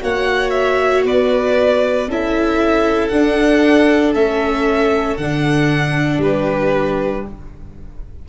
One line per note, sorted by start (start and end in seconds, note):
0.00 1.05 A#3
0.00 2.07 F#4
0.00 1.06 C#5
0.00 0.51 F#5
0.51 1.02 E5
1.05 2.08 B3
1.05 2.09 B4
1.05 2.10 D5
2.08 3.11 C#4
2.08 3.12 E4
2.08 6.22 A4
2.08 3.09 E5
3.09 4.15 D4
3.09 4.12 F#5
4.15 5.18 A3
4.15 5.18 C#4
4.15 5.17 E5
5.17 6.18 D3
5.17 7.29 D4
5.17 6.21 F#5
6.18 7.22 G3
6.18 7.27 G4
6.18 7.26 B4